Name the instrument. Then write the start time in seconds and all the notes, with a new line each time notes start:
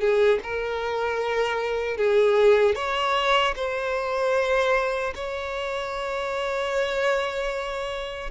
violin
0.00 G#4
0.43 A#4
1.97 G#4
2.76 C#5
3.56 C5
5.15 C#5